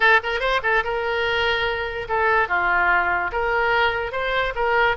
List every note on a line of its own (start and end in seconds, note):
0.00 0.20 A4
0.23 0.39 A#4
0.39 0.60 C5
0.63 0.83 A4
0.84 2.08 A#4
2.08 2.48 A4
2.48 3.31 F4
3.32 4.12 A#4
4.12 4.53 C5
4.55 4.96 A#4